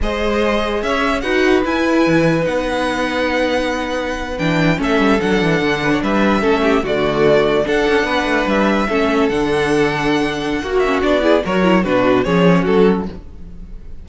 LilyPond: <<
  \new Staff \with { instrumentName = "violin" } { \time 4/4 \tempo 4 = 147 dis''2 e''4 fis''4 | gis''2 fis''2~ | fis''2~ fis''8. g''4 e''16~ | e''8. fis''2 e''4~ e''16~ |
e''8. d''2 fis''4~ fis''16~ | fis''8. e''2 fis''4~ fis''16~ | fis''2~ fis''8 e''8 d''4 | cis''4 b'4 cis''4 a'4 | }
  \new Staff \with { instrumentName = "violin" } { \time 4/4 c''2 cis''4 b'4~ | b'1~ | b'2.~ b'8. a'16~ | a'2~ a'16 b'16 cis''16 b'4 a'16~ |
a'16 g'8 fis'2 a'4 b'16~ | b'4.~ b'16 a'2~ a'16~ | a'2 fis'4. gis'8 | ais'4 fis'4 gis'4 fis'4 | }
  \new Staff \with { instrumentName = "viola" } { \time 4/4 gis'2. fis'4 | e'2 dis'2~ | dis'2~ dis'8. d'4 cis'16~ | cis'8. d'2. cis'16~ |
cis'8. a2 d'4~ d'16~ | d'4.~ d'16 cis'4 d'4~ d'16~ | d'2 fis'8 cis'8 d'8 e'8 | fis'8 e'8 d'4 cis'2 | }
  \new Staff \with { instrumentName = "cello" } { \time 4/4 gis2 cis'4 dis'4 | e'4 e4 b2~ | b2~ b8. e4 a16~ | a16 g8 fis8 e8 d4 g4 a16~ |
a8. d2 d'8 cis'8 b16~ | b16 a8 g4 a4 d4~ d16~ | d2 ais4 b4 | fis4 b,4 f4 fis4 | }
>>